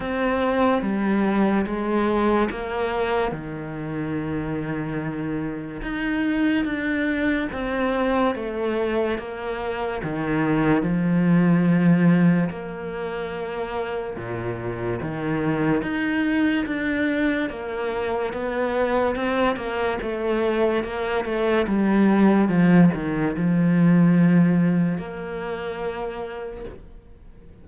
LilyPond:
\new Staff \with { instrumentName = "cello" } { \time 4/4 \tempo 4 = 72 c'4 g4 gis4 ais4 | dis2. dis'4 | d'4 c'4 a4 ais4 | dis4 f2 ais4~ |
ais4 ais,4 dis4 dis'4 | d'4 ais4 b4 c'8 ais8 | a4 ais8 a8 g4 f8 dis8 | f2 ais2 | }